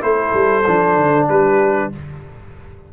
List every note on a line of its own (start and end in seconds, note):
0.00 0.33 A3
0.00 0.62 E4
0.00 1.27 A4
0.00 1.27 C5
0.34 0.65 G3
0.67 0.96 F3
0.67 1.92 D4
0.96 1.27 D3
1.27 1.90 G3
1.27 1.90 G4
1.27 1.91 B4